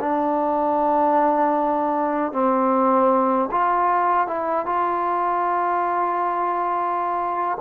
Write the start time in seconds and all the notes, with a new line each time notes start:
0.00 D4
2.33 C4
3.51 F4
4.28 E4
4.66 F4